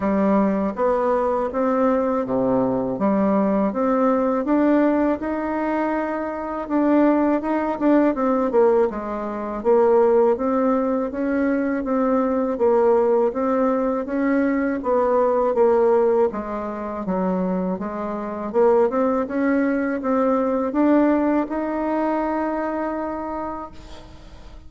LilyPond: \new Staff \with { instrumentName = "bassoon" } { \time 4/4 \tempo 4 = 81 g4 b4 c'4 c4 | g4 c'4 d'4 dis'4~ | dis'4 d'4 dis'8 d'8 c'8 ais8 | gis4 ais4 c'4 cis'4 |
c'4 ais4 c'4 cis'4 | b4 ais4 gis4 fis4 | gis4 ais8 c'8 cis'4 c'4 | d'4 dis'2. | }